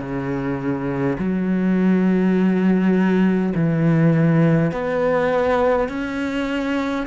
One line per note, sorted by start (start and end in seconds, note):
0.00 1.18 C#3
1.19 3.54 F#3
3.55 4.72 E3
4.72 5.89 B3
5.89 7.07 C#4